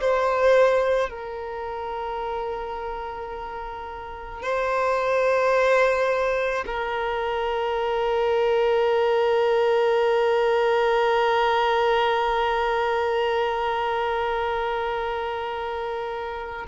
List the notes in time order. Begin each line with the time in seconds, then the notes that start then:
0.00 C5
1.09 A#4
4.42 C5
6.66 A#4